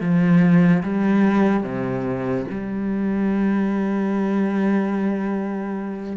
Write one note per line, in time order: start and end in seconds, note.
0.00 0.82 F3
0.83 1.63 G3
1.63 2.45 C3
2.50 6.16 G3